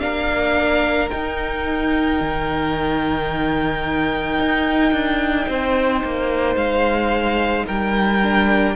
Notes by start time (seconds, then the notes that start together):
0.00 A#3 D4 A#4 F5
1.10 D#4 G5
2.21 D#3
4.39 D#4
4.92 D4
5.47 C4 C5
6.04 A#3
6.56 G#3 F5
7.66 G3 A#4 G5
8.22 D4